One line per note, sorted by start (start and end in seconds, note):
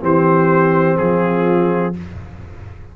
0.00 0.99 E3
0.00 1.94 C4
0.00 0.99 G4
0.00 0.97 C5
0.97 1.96 F3
0.97 1.96 F4
0.97 1.94 G#4